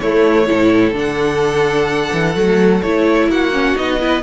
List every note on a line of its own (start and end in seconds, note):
0.00 0.49 A3
0.00 0.47 A3
0.00 0.47 E4
0.00 0.94 C#5
0.47 0.93 A2
0.47 0.94 E4
0.47 3.28 A4
0.93 2.10 D3
0.93 2.35 D4
0.93 2.82 F#5
2.13 2.35 E3
2.35 2.82 F#3
2.35 2.82 A3
2.82 3.28 A3
2.82 3.53 E4
2.82 3.29 C#5
3.28 3.75 A#3
3.28 4.00 F#4
3.28 3.78 F#5
3.53 3.75 C#4
3.75 4.23 B3
3.75 3.99 D#4
3.75 4.23 D#5
4.00 4.23 E4
4.00 4.23 B4